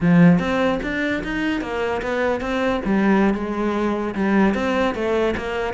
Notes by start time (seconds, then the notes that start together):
0.00 F3
0.39 C4
0.82 D4
1.23 D#4
1.61 A#3
2.02 B3
2.40 C4
2.84 G3
3.34 G#3
4.14 G3
4.54 C4
4.94 A3
5.36 A#3